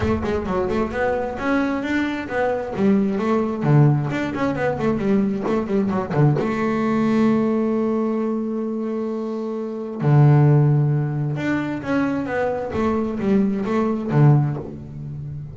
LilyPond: \new Staff \with { instrumentName = "double bass" } { \time 4/4 \tempo 4 = 132 a8 gis8 fis8 a8 b4 cis'4 | d'4 b4 g4 a4 | d4 d'8 cis'8 b8 a8 g4 | a8 g8 fis8 d8 a2~ |
a1~ | a2 d2~ | d4 d'4 cis'4 b4 | a4 g4 a4 d4 | }